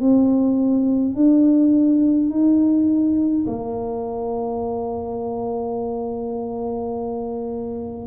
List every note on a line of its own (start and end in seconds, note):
0.00 1.15 C4
1.15 2.30 D4
2.30 3.46 D#4
3.47 8.07 A#3